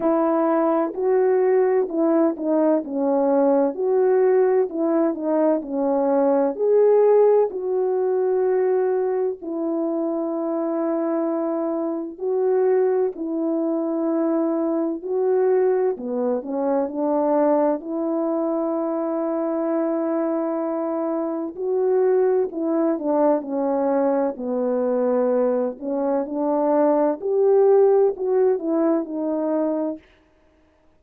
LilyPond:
\new Staff \with { instrumentName = "horn" } { \time 4/4 \tempo 4 = 64 e'4 fis'4 e'8 dis'8 cis'4 | fis'4 e'8 dis'8 cis'4 gis'4 | fis'2 e'2~ | e'4 fis'4 e'2 |
fis'4 b8 cis'8 d'4 e'4~ | e'2. fis'4 | e'8 d'8 cis'4 b4. cis'8 | d'4 g'4 fis'8 e'8 dis'4 | }